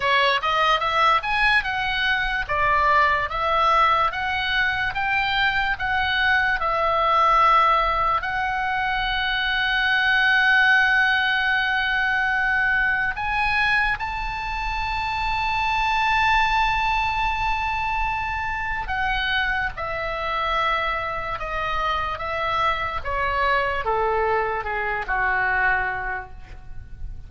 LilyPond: \new Staff \with { instrumentName = "oboe" } { \time 4/4 \tempo 4 = 73 cis''8 dis''8 e''8 gis''8 fis''4 d''4 | e''4 fis''4 g''4 fis''4 | e''2 fis''2~ | fis''1 |
gis''4 a''2.~ | a''2. fis''4 | e''2 dis''4 e''4 | cis''4 a'4 gis'8 fis'4. | }